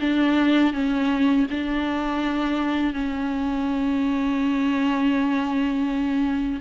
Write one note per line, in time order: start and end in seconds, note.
0.00 0.73 D4
0.74 1.47 C#4
1.51 2.94 D4
2.94 6.60 C#4